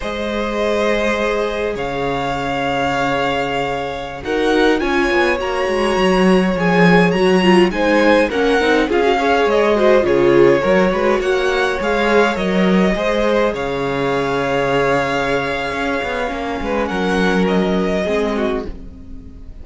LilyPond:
<<
  \new Staff \with { instrumentName = "violin" } { \time 4/4 \tempo 4 = 103 dis''2. f''4~ | f''2.~ f''16 fis''8.~ | fis''16 gis''4 ais''2 gis''8.~ | gis''16 ais''4 gis''4 fis''4 f''8.~ |
f''16 dis''4 cis''2 fis''8.~ | fis''16 f''4 dis''2 f''8.~ | f''1~ | f''4 fis''4 dis''2 | }
  \new Staff \with { instrumentName = "violin" } { \time 4/4 c''2. cis''4~ | cis''2.~ cis''16 ais'8.~ | ais'16 cis''2.~ cis''8.~ | cis''4~ cis''16 c''4 ais'4 gis'8 cis''16~ |
cis''8. c''8 gis'4 ais'8 b'8 cis''8.~ | cis''2~ cis''16 c''4 cis''8.~ | cis''1~ | cis''8 b'8 ais'2 gis'8 fis'8 | }
  \new Staff \with { instrumentName = "viola" } { \time 4/4 gis'1~ | gis'2.~ gis'16 fis'8.~ | fis'16 f'4 fis'2 gis'8.~ | gis'16 fis'8 f'8 dis'4 cis'8 dis'8 f'16 fis'16 gis'16~ |
gis'8. fis'8 f'4 fis'4.~ fis'16~ | fis'16 gis'4 ais'4 gis'4.~ gis'16~ | gis'1 | cis'2. c'4 | }
  \new Staff \with { instrumentName = "cello" } { \time 4/4 gis2. cis4~ | cis2.~ cis16 dis'8.~ | dis'16 cis'8 b8 ais8 gis8 fis4 f8.~ | f16 fis4 gis4 ais8 c'8 cis'8.~ |
cis'16 gis4 cis4 fis8 gis8 ais8.~ | ais16 gis4 fis4 gis4 cis8.~ | cis2. cis'8 b8 | ais8 gis8 fis2 gis4 | }
>>